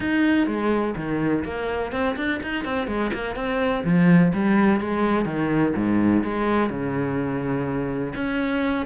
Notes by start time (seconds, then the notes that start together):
0.00 D#4
0.46 G#3
0.96 D#3
1.44 A#3
1.92 C4
2.16 D4
2.42 D#4
2.64 C4
2.87 G#3
3.13 A#3
3.35 C4
3.84 F3
4.33 G3
4.80 G#3
5.25 D#3
5.75 G#2
6.23 G#3
6.69 C#3
8.15 C#4